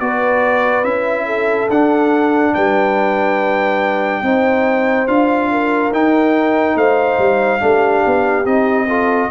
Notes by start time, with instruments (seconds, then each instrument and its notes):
0.00 tuba B3, trombone F#4, horn B4, trumpet D5
0.84 tuba C#4, trombone E4, trumpet E5
1.26 horn A4
1.70 tuba D4, trombone D4, trumpet F#5
2.54 tuba G3, horn B4, trumpet G5
4.22 tuba C4, trombone D#4, horn C5
5.07 tuba D4, trombone F4, trumpet F5
5.52 horn A#4
5.91 tuba D#4, trombone D#4, trumpet G5
6.75 tuba A3, horn C5, trumpet F5
7.18 tuba G3
7.60 tuba A3, trombone D4, horn G4
8.06 tuba B3
8.45 tuba C4, trombone D#4, trumpet D#5
8.87 trombone F4, horn A4